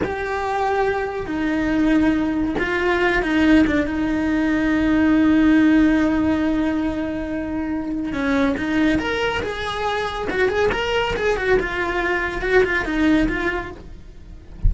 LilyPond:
\new Staff \with { instrumentName = "cello" } { \time 4/4 \tempo 4 = 140 g'2. dis'4~ | dis'2 f'4. dis'8~ | dis'8 d'8 dis'2.~ | dis'1~ |
dis'2. cis'4 | dis'4 ais'4 gis'2 | fis'8 gis'8 ais'4 gis'8 fis'8 f'4~ | f'4 fis'8 f'8 dis'4 f'4 | }